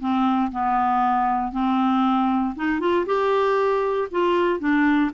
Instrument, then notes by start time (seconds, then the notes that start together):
clarinet
0.00 C4
0.52 B3
1.52 C4
2.56 D#4
2.80 F4
3.06 G4
4.11 F4
4.59 D4